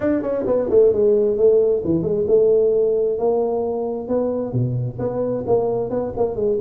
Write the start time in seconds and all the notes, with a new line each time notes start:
0.00 D4
0.21 C#4
0.46 B3
0.70 A3
0.92 G#3
1.37 A3
1.84 E3
2.02 G#3
2.27 A3
3.18 A#3
4.07 B3
4.52 B2
4.98 B3
5.46 A#3
5.90 B3
6.16 A#3
6.35 G#3